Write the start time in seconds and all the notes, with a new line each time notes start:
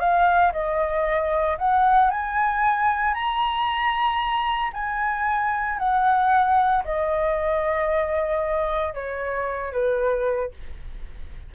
0.00 F5
0.53 D#5
1.58 F#5
2.11 G#5
3.14 A#5
4.74 G#5
5.79 F#5
6.85 D#5
8.94 C#5
9.73 B4